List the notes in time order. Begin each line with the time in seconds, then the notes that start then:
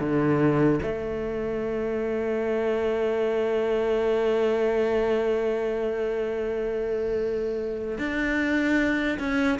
0.00 D3
0.83 A3
7.99 D4
9.19 C#4